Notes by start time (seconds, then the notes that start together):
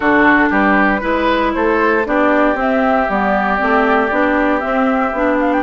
0.00 D3 D4 F#4 A4
0.49 G3 G4 B4
1.00 G#3 E4 B4
1.54 A3 A4 C5
2.05 B3 D4 G4 D5
2.55 C4 E5
3.09 G3 B3 D5
3.58 A3 C4
4.11 B3 D4
4.60 C4 E5
5.12 B3 D4
5.40 F5
5.52 G5